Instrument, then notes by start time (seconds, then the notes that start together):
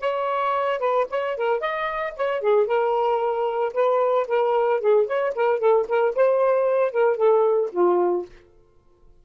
saxophone
0.00 C#5
0.79 B4
1.10 C#5
1.36 A#4
1.60 D#5
2.16 C#5
2.40 G#4
2.66 A#4
3.73 B4
4.27 A#4
4.80 G#4
5.06 C#5
5.35 A#4
5.59 A4
5.88 A#4
6.15 C5
6.91 A#4
7.17 A4
7.72 F4